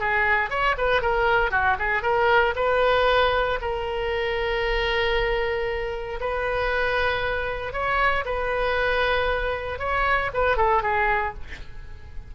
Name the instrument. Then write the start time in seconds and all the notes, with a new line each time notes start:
oboe
0.00 G#4
0.50 C#5
0.78 B4
1.02 A#4
1.51 F#4
1.79 G#4
2.03 A#4
2.56 B4
3.61 A#4
6.21 B4
7.73 C#5
8.26 B4
9.79 C#5
10.34 B4
10.57 A4
10.83 G#4